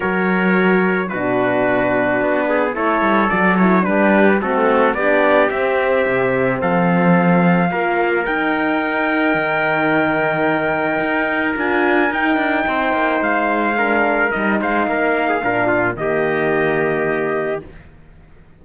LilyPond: <<
  \new Staff \with { instrumentName = "trumpet" } { \time 4/4 \tempo 4 = 109 cis''2 b'2~ | b'4 cis''4 d''8 cis''8 b'4 | a'4 d''4 e''2 | f''2. g''4~ |
g''1~ | g''4 gis''4 g''2 | f''2 dis''8 f''4.~ | f''4 dis''2. | }
  \new Staff \with { instrumentName = "trumpet" } { \time 4/4 ais'2 fis'2~ | fis'8 gis'8 a'2 g'4 | fis'4 g'2. | a'2 ais'2~ |
ais'1~ | ais'2. c''4~ | c''4 ais'4. c''8 ais'8. gis'16 | ais'8 f'8 g'2. | }
  \new Staff \with { instrumentName = "horn" } { \time 4/4 fis'2 d'2~ | d'4 e'4 fis'8 e'8 d'4 | c'4 d'4 c'2~ | c'2 f'4 dis'4~ |
dis'1~ | dis'4 f'4 dis'2~ | dis'4 d'4 dis'2 | d'4 ais2. | }
  \new Staff \with { instrumentName = "cello" } { \time 4/4 fis2 b,2 | b4 a8 g8 fis4 g4 | a4 b4 c'4 c4 | f2 ais4 dis'4~ |
dis'4 dis2. | dis'4 d'4 dis'8 d'8 c'8 ais8 | gis2 g8 gis8 ais4 | ais,4 dis2. | }
>>